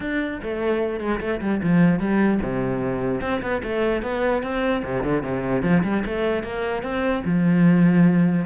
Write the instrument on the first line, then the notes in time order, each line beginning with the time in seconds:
cello
0.00 D4
0.42 A3
0.99 G#3
1.20 A3
1.41 G3
1.62 F3
1.99 G3
2.41 C3
3.21 C4
3.42 B3
3.63 A3
4.02 B3
4.42 C4
4.84 C3
5.03 D3
5.23 C3
5.62 F3
5.83 G3
6.05 A3
6.43 A#3
6.82 C4
7.24 F3